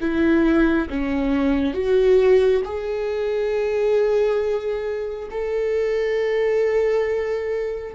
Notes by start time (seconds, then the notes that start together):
0.00 E4
0.89 C#4
1.73 F#4
2.64 G#4
5.30 A4